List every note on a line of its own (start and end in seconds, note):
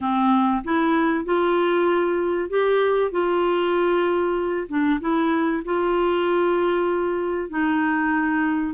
0.00 0.63 C4
0.64 1.24 E4
1.24 2.49 F4
2.49 3.11 G4
3.11 4.67 F4
4.68 5.00 D4
5.00 5.62 E4
5.64 7.49 F4
7.49 8.74 D#4